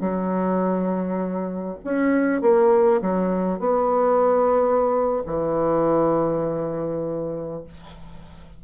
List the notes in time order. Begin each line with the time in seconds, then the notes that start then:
0.00 F#3
1.84 C#4
2.41 A#3
3.01 F#3
3.59 B3
5.26 E3